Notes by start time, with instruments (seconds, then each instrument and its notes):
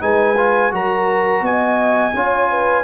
0.00 tuba G#3, trombone D#4, horn B4, trumpet G#5
0.37 trombone F4
0.71 tuba F#3, trombone F#4, horn A#4, trumpet A#5
1.41 tuba B3, horn D#5, trumpet G#5
2.14 tuba C#4, trombone F4, horn C#5
2.51 horn B4